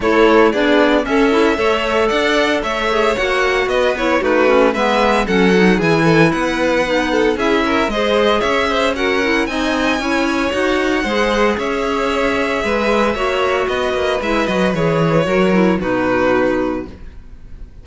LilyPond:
<<
  \new Staff \with { instrumentName = "violin" } { \time 4/4 \tempo 4 = 114 cis''4 d''4 e''2 | fis''4 e''4 fis''4 dis''8 cis''8 | b'4 e''4 fis''4 gis''4 | fis''2 e''4 dis''4 |
e''4 fis''4 gis''2 | fis''2 e''2~ | e''2 dis''4 e''8 dis''8 | cis''2 b'2 | }
  \new Staff \with { instrumentName = "violin" } { \time 4/4 a'4 gis'4 a'4 cis''4 | d''4 cis''2 b'4 | fis'4 b'4 a'4 gis'8 a'8 | b'4. a'8 gis'8 ais'8 c''4 |
cis''8 c''8 ais'4 dis''4 cis''4~ | cis''4 c''4 cis''2 | b'4 cis''4 b'2~ | b'4 ais'4 fis'2 | }
  \new Staff \with { instrumentName = "clarinet" } { \time 4/4 e'4 d'4 cis'8 e'8 a'4~ | a'4. gis'8 fis'4. e'8 | dis'8 cis'8 b4 cis'8 dis'8 e'4~ | e'4 dis'4 e'4 gis'4~ |
gis'4 fis'8 e'8 dis'4 e'4 | fis'4 gis'2.~ | gis'4 fis'2 e'8 fis'8 | gis'4 fis'8 e'8 dis'2 | }
  \new Staff \with { instrumentName = "cello" } { \time 4/4 a4 b4 cis'4 a4 | d'4 a4 ais4 b4 | a4 gis4 fis4 e4 | b2 cis'4 gis4 |
cis'2 c'4 cis'4 | dis'4 gis4 cis'2 | gis4 ais4 b8 ais8 gis8 fis8 | e4 fis4 b,2 | }
>>